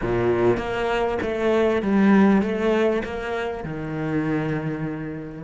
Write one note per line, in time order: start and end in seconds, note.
0.01 0.57 A#2
0.57 1.17 A#3
1.21 1.82 A3
1.82 2.42 G3
2.42 3.02 A3
3.04 3.64 A#3
3.64 5.43 D#3